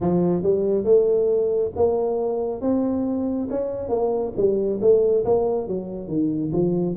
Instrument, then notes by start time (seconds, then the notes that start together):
tuba
0.00 F3
0.43 G3
0.84 A3
1.76 A#3
2.61 C4
3.50 C#4
3.89 A#3
4.36 G3
4.81 A3
5.24 A#3
5.67 F#3
6.08 D#3
6.52 F3